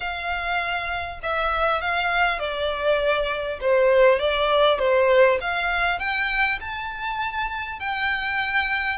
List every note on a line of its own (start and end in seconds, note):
0.00 1.19 F5
1.22 1.81 E5
1.81 2.39 F5
2.39 3.59 D5
3.60 4.19 C5
4.19 4.78 D5
4.78 5.38 C5
5.40 5.99 F5
5.99 6.59 G5
6.60 7.79 A5
7.79 8.98 G5